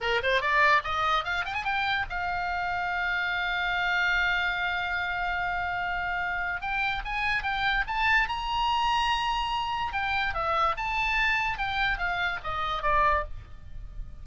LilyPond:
\new Staff \with { instrumentName = "oboe" } { \time 4/4 \tempo 4 = 145 ais'8 c''8 d''4 dis''4 f''8 g''16 gis''16 | g''4 f''2.~ | f''1~ | f''1 |
g''4 gis''4 g''4 a''4 | ais''1 | g''4 e''4 a''2 | g''4 f''4 dis''4 d''4 | }